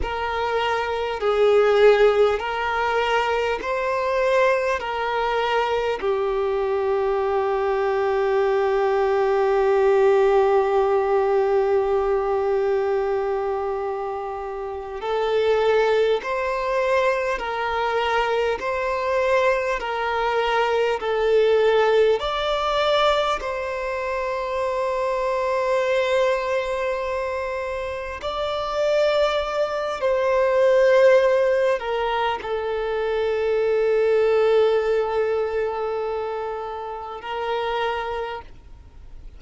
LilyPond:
\new Staff \with { instrumentName = "violin" } { \time 4/4 \tempo 4 = 50 ais'4 gis'4 ais'4 c''4 | ais'4 g'2.~ | g'1~ | g'8 a'4 c''4 ais'4 c''8~ |
c''8 ais'4 a'4 d''4 c''8~ | c''2.~ c''8 d''8~ | d''4 c''4. ais'8 a'4~ | a'2. ais'4 | }